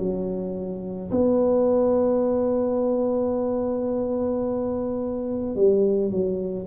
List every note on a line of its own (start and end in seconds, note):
0.00 1.11 F#3
1.12 5.56 B3
5.56 6.12 G3
6.12 6.67 F#3